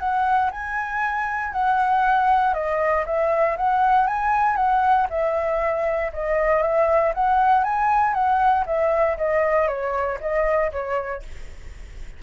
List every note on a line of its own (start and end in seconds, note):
0.00 0.51 F#5
0.52 1.53 G#5
1.53 2.54 F#5
2.54 3.05 D#5
3.06 3.57 E5
3.58 4.07 F#5
4.07 4.56 G#5
4.56 5.07 F#5
5.10 6.12 E5
6.13 6.63 D#5
6.63 7.13 E5
7.15 7.64 F#5
7.64 8.14 G#5
8.14 8.65 F#5
8.66 9.17 E5
9.18 9.68 D#5
9.68 10.19 C#5
10.21 10.72 D#5
10.72 11.23 C#5